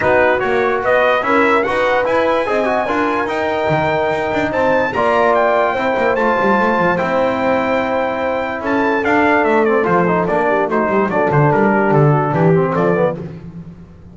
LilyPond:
<<
  \new Staff \with { instrumentName = "trumpet" } { \time 4/4 \tempo 4 = 146 b'4 cis''4 dis''4 e''4 | fis''4 gis''2. | g''2. a''4 | ais''4 g''2 a''4~ |
a''4 g''2.~ | g''4 a''4 f''4 e''8 d''8 | c''4 d''4 c''4 d''8 c''8 | ais'4 a'4 g'4 d''4 | }
  \new Staff \with { instrumentName = "horn" } { \time 4/4 fis'2 b'4 ais'4 | b'2 dis''4 ais'4~ | ais'2. c''4 | d''2 c''2~ |
c''1~ | c''4 a'2.~ | a'4. g'8 fis'8 g'8 a'4~ | a'8 g'4 fis'8 g'4 a'4 | }
  \new Staff \with { instrumentName = "trombone" } { \time 4/4 dis'4 fis'2 e'4 | fis'4 e'4 gis'8 fis'8 f'4 | dis'1 | f'2 e'4 f'4~ |
f'4 e'2.~ | e'2 d'4. c'8 | f'8 dis'8 d'4 dis'4 d'4~ | d'2~ d'8 c'4 b8 | }
  \new Staff \with { instrumentName = "double bass" } { \time 4/4 b4 ais4 b4 cis'4 | dis'4 e'4 c'4 d'4 | dis'4 dis4 dis'8 d'8 c'4 | ais2 c'8 ais8 a8 g8 |
a8 f8 c'2.~ | c'4 cis'4 d'4 a4 | f4 ais4 a8 g8 fis8 d8 | g4 d4 e4 f4 | }
>>